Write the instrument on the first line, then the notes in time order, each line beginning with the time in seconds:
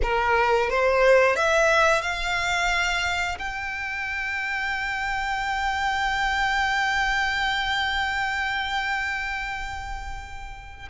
violin
0.02 A#4
0.70 C5
1.36 E5
2.01 F5
3.38 G5